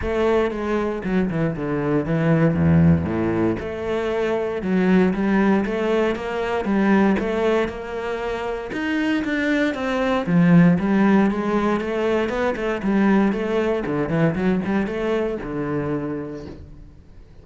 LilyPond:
\new Staff \with { instrumentName = "cello" } { \time 4/4 \tempo 4 = 117 a4 gis4 fis8 e8 d4 | e4 e,4 a,4 a4~ | a4 fis4 g4 a4 | ais4 g4 a4 ais4~ |
ais4 dis'4 d'4 c'4 | f4 g4 gis4 a4 | b8 a8 g4 a4 d8 e8 | fis8 g8 a4 d2 | }